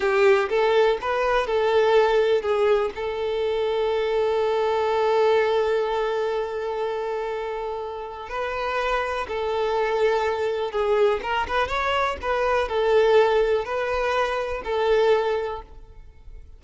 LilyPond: \new Staff \with { instrumentName = "violin" } { \time 4/4 \tempo 4 = 123 g'4 a'4 b'4 a'4~ | a'4 gis'4 a'2~ | a'1~ | a'1~ |
a'4 b'2 a'4~ | a'2 gis'4 ais'8 b'8 | cis''4 b'4 a'2 | b'2 a'2 | }